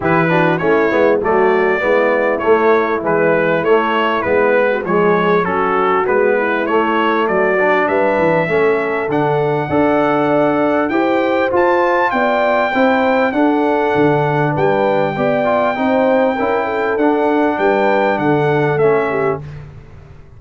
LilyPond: <<
  \new Staff \with { instrumentName = "trumpet" } { \time 4/4 \tempo 4 = 99 b'4 cis''4 d''2 | cis''4 b'4 cis''4 b'4 | cis''4 a'4 b'4 cis''4 | d''4 e''2 fis''4~ |
fis''2 g''4 a''4 | g''2 fis''2 | g''1 | fis''4 g''4 fis''4 e''4 | }
  \new Staff \with { instrumentName = "horn" } { \time 4/4 g'8 fis'8 e'4 fis'4 e'4~ | e'2.~ e'8. fis'16 | gis'4 fis'4. e'4. | fis'4 b'4 a'2 |
d''2 c''2 | d''4 c''4 a'2 | b'4 d''4 c''4 ais'8 a'8~ | a'4 b'4 a'4. g'8 | }
  \new Staff \with { instrumentName = "trombone" } { \time 4/4 e'8 d'8 cis'8 b8 a4 b4 | a4 e4 a4 b4 | gis4 cis'4 b4 a4~ | a8 d'4. cis'4 d'4 |
a'2 g'4 f'4~ | f'4 e'4 d'2~ | d'4 g'8 f'8 dis'4 e'4 | d'2. cis'4 | }
  \new Staff \with { instrumentName = "tuba" } { \time 4/4 e4 a8 gis8 fis4 gis4 | a4 gis4 a4 gis4 | f4 fis4 gis4 a4 | fis4 g8 e8 a4 d4 |
d'2 e'4 f'4 | b4 c'4 d'4 d4 | g4 b4 c'4 cis'4 | d'4 g4 d4 a4 | }
>>